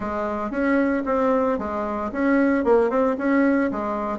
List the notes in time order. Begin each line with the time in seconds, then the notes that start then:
0.00 G#3
0.50 C#4
1.05 C4
1.58 G#3
2.11 C#4
2.64 A#3
2.89 C4
3.18 C#4
3.71 G#3